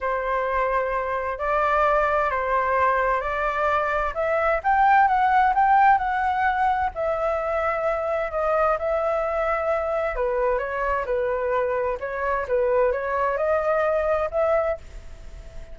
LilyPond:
\new Staff \with { instrumentName = "flute" } { \time 4/4 \tempo 4 = 130 c''2. d''4~ | d''4 c''2 d''4~ | d''4 e''4 g''4 fis''4 | g''4 fis''2 e''4~ |
e''2 dis''4 e''4~ | e''2 b'4 cis''4 | b'2 cis''4 b'4 | cis''4 dis''2 e''4 | }